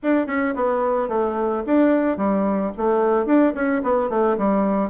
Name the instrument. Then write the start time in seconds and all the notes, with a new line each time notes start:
bassoon
0.02 D4
0.27 C#4
0.55 B3
1.08 A3
1.66 D4
2.17 G3
2.77 A3
3.26 D4
3.54 C#4
3.83 B3
4.09 A3
4.38 G3